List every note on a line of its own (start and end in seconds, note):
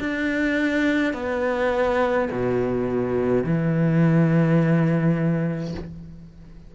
0.00 1.14 D4
1.14 2.29 B3
2.32 3.44 B2
3.44 5.75 E3